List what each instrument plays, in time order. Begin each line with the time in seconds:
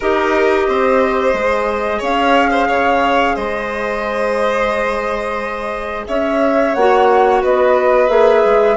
0.00 bassoon D#4, clarinet G4, violin A#4, flute D#5
0.67 bassoon C4, violin C5
1.33 bassoon G#3, clarinet G#4
1.99 bassoon C#4, violin C#5, flute F5
2.50 violin C5
2.68 bassoon C#3, violin C#5
3.35 bassoon G#3, violin C5, flute D#5
6.07 bassoon C#4, violin C#5, flute E5
6.74 bassoon A#3, clarinet F#4, flute F#5
7.42 bassoon B3, violin B4, flute D#5
8.08 bassoon A#3, clarinet G#4, flute E5
8.44 bassoon G#3